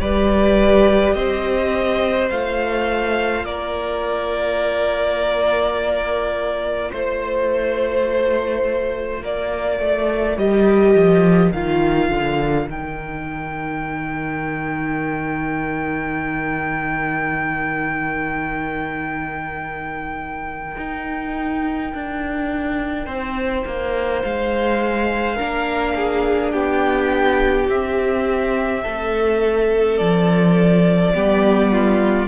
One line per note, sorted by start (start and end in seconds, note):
0.00 1.15 G3
0.00 2.29 G4
0.00 1.15 B4
0.00 1.13 D5
1.13 2.31 C4
1.13 3.46 C5
1.13 2.29 D#5
2.29 3.44 A3
2.29 10.37 F4
2.29 3.45 F5
3.44 6.90 A#3
3.44 6.91 A#4
3.44 6.91 D5
6.91 9.22 A3
6.91 9.21 C5
6.91 9.24 C5
9.21 9.80 A#3
9.21 23.06 A#4
9.21 10.39 D5
9.80 10.37 A3
10.37 10.95 G3
10.37 11.54 G4
10.37 11.52 D#5
10.95 11.52 F3
11.52 12.10 D#3
11.52 12.69 F4
11.52 12.68 F5
12.10 12.68 D3
12.68 20.76 D#3
12.68 25.38 D#4
12.68 24.22 G5
20.77 21.93 D#4
21.94 23.07 D4
23.06 23.65 C4
23.06 25.36 C5
23.66 24.24 A#3
24.22 25.40 G#3
24.22 26.51 F5
25.36 26.54 A#3
25.36 27.68 D4
25.36 25.94 A#4
25.95 26.53 G#4
26.51 27.69 B3
26.51 28.83 G4
26.51 27.67 G5
27.68 31.14 C4
27.68 28.85 C4
27.68 29.98 E5
28.83 30.00 A3
28.83 31.14 A4
29.98 31.15 F3
29.98 32.28 D5
31.14 32.28 G3
31.14 32.28 B3
31.14 31.72 G4
31.72 32.28 F4